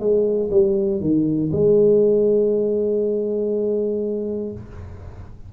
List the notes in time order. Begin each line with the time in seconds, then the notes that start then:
0.00 G#3
0.51 G3
1.01 D#3
1.52 G#3